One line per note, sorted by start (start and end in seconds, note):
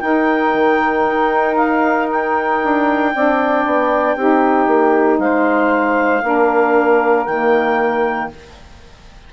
0.00 0.53 D#4
0.00 3.12 D#4
0.00 3.12 A#4
0.00 1.55 G5
0.54 1.06 D#3
1.06 2.61 D#4
1.55 2.07 F5
2.11 5.19 G5
2.64 3.15 D4
3.14 3.65 C4
3.14 4.18 D4
3.14 4.16 D5
3.65 4.16 B3
4.16 4.67 C4
4.16 6.22 D#4
4.16 5.19 G4
4.67 5.18 A#3
5.18 6.22 G#3
5.18 6.23 C5
5.18 7.25 F5
6.22 7.26 A#3
6.22 7.26 D4
6.22 8.30 A#4
7.25 8.30 D#3
7.25 8.33 A#3
7.25 8.29 G5